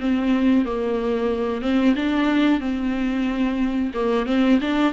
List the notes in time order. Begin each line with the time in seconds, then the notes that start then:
0.00 C4
0.65 A#3
1.62 C4
1.95 D4
2.60 C4
3.94 A#3
4.26 C4
4.61 D4